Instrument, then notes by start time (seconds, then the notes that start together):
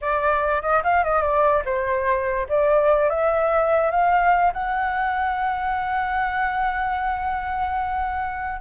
flute
0.01 D5
0.62 D#5
0.83 F5
1.04 D#5
1.22 D5
1.65 C5
2.49 D5
3.09 E5
3.91 F5
4.53 F#5